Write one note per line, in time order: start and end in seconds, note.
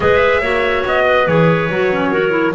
0.00 0.41 G#3
0.00 0.41 G#4
0.00 0.40 B4
0.00 0.85 E5
0.40 0.83 A#3
0.40 1.27 F#4
0.40 1.04 C#5
0.85 1.27 B3
0.85 1.27 D#5
1.05 2.11 B4
1.27 1.69 E3
1.27 1.69 G#4
1.27 2.55 C#5
1.69 2.54 F#3
1.69 1.92 F#4
1.92 2.13 C#4
2.11 2.31 F#4
2.11 2.53 A#4
2.31 2.52 E4